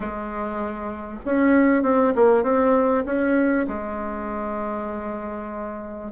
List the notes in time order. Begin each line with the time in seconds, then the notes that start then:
0.00 G#3
1.25 C#4
1.82 C4
2.15 A#3
2.43 C4
3.05 C#4
3.67 G#3